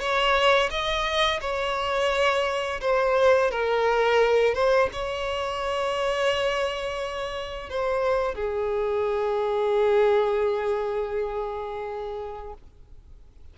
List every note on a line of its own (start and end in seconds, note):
0.00 0.70 C#5
0.70 1.40 D#5
1.41 2.80 C#5
2.81 3.51 C5
3.51 4.54 A#4
4.54 4.89 C5
4.92 7.70 C#5
7.70 8.35 C5
8.35 12.54 G#4